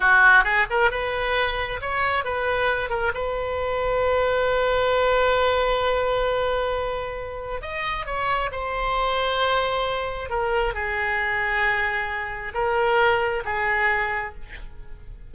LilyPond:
\new Staff \with { instrumentName = "oboe" } { \time 4/4 \tempo 4 = 134 fis'4 gis'8 ais'8 b'2 | cis''4 b'4. ais'8 b'4~ | b'1~ | b'1~ |
b'4 dis''4 cis''4 c''4~ | c''2. ais'4 | gis'1 | ais'2 gis'2 | }